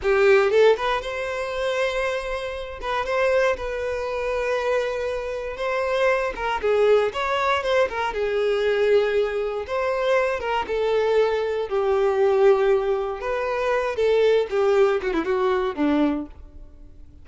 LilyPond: \new Staff \with { instrumentName = "violin" } { \time 4/4 \tempo 4 = 118 g'4 a'8 b'8 c''2~ | c''4. b'8 c''4 b'4~ | b'2. c''4~ | c''8 ais'8 gis'4 cis''4 c''8 ais'8 |
gis'2. c''4~ | c''8 ais'8 a'2 g'4~ | g'2 b'4. a'8~ | a'8 g'4 fis'16 e'16 fis'4 d'4 | }